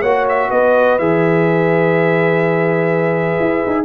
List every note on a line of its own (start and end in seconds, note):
0.00 0.50 A#3
0.00 1.00 F#4
0.00 0.48 C#5
0.00 0.26 F#5
0.29 0.50 E5
0.50 0.99 B3
0.50 3.85 B4
0.50 0.98 D#5
0.98 3.39 E3
0.98 3.85 G#4
0.98 3.85 E5
3.40 3.64 E4
3.66 3.85 D#4